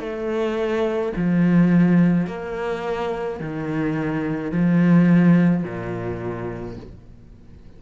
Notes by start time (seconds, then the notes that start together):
0.00 A3
1.16 F3
2.27 A#3
3.40 D#3
4.52 F3
5.64 A#2